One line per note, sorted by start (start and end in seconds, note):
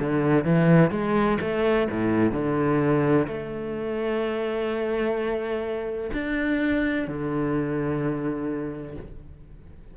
0.00 0.45 D3
0.45 0.91 E3
0.91 1.38 G#3
1.41 1.88 A3
1.91 2.33 A2
2.33 3.27 D3
3.28 6.11 A3
6.13 7.08 D4
7.08 8.97 D3